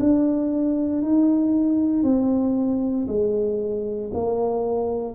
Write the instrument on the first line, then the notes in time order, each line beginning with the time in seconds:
tuba
0.00 D4
1.03 D#4
2.04 C4
3.08 G#3
4.14 A#3